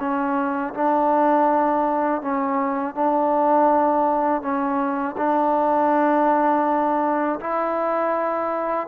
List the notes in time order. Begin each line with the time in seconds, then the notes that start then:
0.00 C#4
0.74 D4
2.22 C#4
2.95 D4
4.42 C#4
5.18 D4
7.40 E4